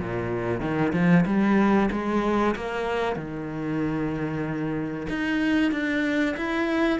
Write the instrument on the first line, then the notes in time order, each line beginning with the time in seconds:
cello
0.00 A#2
0.61 D#3
0.93 F3
1.26 G3
1.92 G#3
2.56 A#3
3.16 D#3
5.10 D#4
5.72 D4
6.37 E4